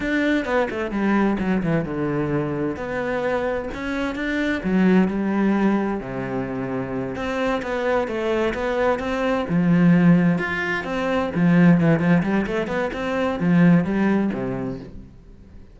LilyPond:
\new Staff \with { instrumentName = "cello" } { \time 4/4 \tempo 4 = 130 d'4 b8 a8 g4 fis8 e8 | d2 b2 | cis'4 d'4 fis4 g4~ | g4 c2~ c8 c'8~ |
c'8 b4 a4 b4 c'8~ | c'8 f2 f'4 c'8~ | c'8 f4 e8 f8 g8 a8 b8 | c'4 f4 g4 c4 | }